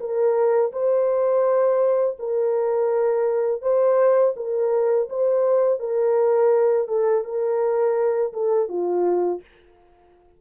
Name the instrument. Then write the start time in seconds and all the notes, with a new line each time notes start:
horn
0.00 A#4
0.73 C5
2.19 A#4
3.62 C5
4.37 A#4
5.10 C5
5.80 A#4
6.88 A4
7.25 A#4
8.34 A4
8.69 F4